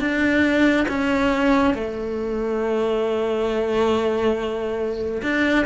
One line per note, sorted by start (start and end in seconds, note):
0.00 0.87 D4
0.88 1.74 C#4
1.74 5.22 A3
5.23 5.66 D4